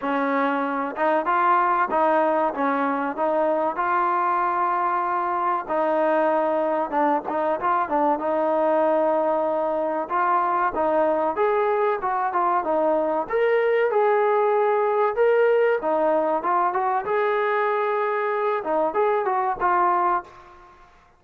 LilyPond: \new Staff \with { instrumentName = "trombone" } { \time 4/4 \tempo 4 = 95 cis'4. dis'8 f'4 dis'4 | cis'4 dis'4 f'2~ | f'4 dis'2 d'8 dis'8 | f'8 d'8 dis'2. |
f'4 dis'4 gis'4 fis'8 f'8 | dis'4 ais'4 gis'2 | ais'4 dis'4 f'8 fis'8 gis'4~ | gis'4. dis'8 gis'8 fis'8 f'4 | }